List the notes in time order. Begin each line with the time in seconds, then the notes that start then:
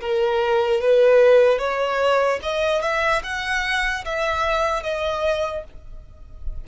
0.00 A#4
0.81 B4
1.58 C#5
2.43 D#5
2.82 E5
3.23 F#5
4.05 E5
4.83 D#5